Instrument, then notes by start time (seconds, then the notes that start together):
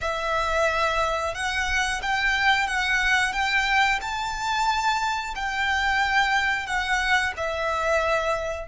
violin
0.01 E5
1.34 F#5
2.02 G5
2.67 F#5
3.32 G5
4.01 A5
5.35 G5
6.66 F#5
7.36 E5